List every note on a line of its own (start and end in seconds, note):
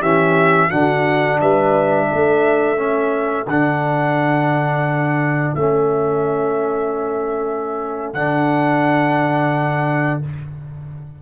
0.00 0.70 E3
0.00 0.70 C#4
0.00 0.69 G4
0.00 0.70 E5
0.70 1.41 D3
0.70 2.76 D4
0.70 1.40 F#4
0.70 1.39 F#5
1.40 2.10 G3
1.40 2.08 B4
1.40 3.47 E5
2.08 3.46 A3
2.08 10.19 A4
2.76 3.45 C#4
3.46 5.53 D3
3.46 5.57 D4
3.46 5.54 F#5
5.54 8.14 A3
5.54 8.15 C#4
5.54 8.13 E5
8.13 10.21 D3
8.13 10.22 D4
8.13 10.20 F#5